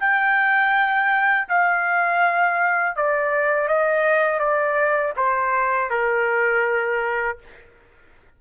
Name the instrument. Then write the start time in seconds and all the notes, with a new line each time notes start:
trumpet
0.00 G5
1.48 F5
2.96 D5
3.68 D#5
4.39 D5
5.16 C5
5.90 A#4